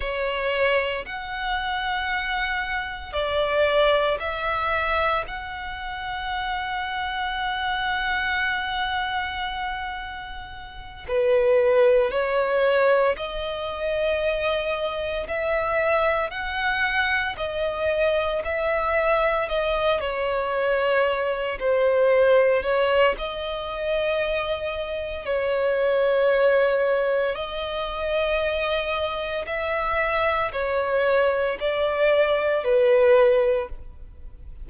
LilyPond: \new Staff \with { instrumentName = "violin" } { \time 4/4 \tempo 4 = 57 cis''4 fis''2 d''4 | e''4 fis''2.~ | fis''2~ fis''8 b'4 cis''8~ | cis''8 dis''2 e''4 fis''8~ |
fis''8 dis''4 e''4 dis''8 cis''4~ | cis''8 c''4 cis''8 dis''2 | cis''2 dis''2 | e''4 cis''4 d''4 b'4 | }